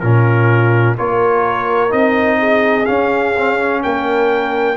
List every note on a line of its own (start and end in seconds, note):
0.00 0.98 A#2
0.00 0.98 C#4
0.00 0.97 F4
0.00 0.95 A#4
0.98 1.92 A#3
0.98 1.90 F4
0.98 2.39 A#4
0.98 1.92 C#5
1.90 2.87 C4
1.90 2.85 D#4
1.90 2.86 D#5
2.39 3.82 G#4
2.86 3.35 C#4
2.86 3.84 C#4
2.86 3.81 F5
3.37 3.58 C4
3.58 4.77 C#4
3.83 4.77 A#3
3.83 4.77 A#4
3.83 4.77 G5